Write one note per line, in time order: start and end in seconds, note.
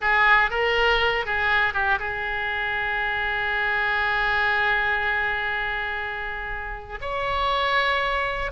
0.01 0.50 G#4
0.50 1.25 A#4
1.25 1.73 G#4
1.73 1.98 G4
1.99 6.99 G#4
7.01 8.51 C#5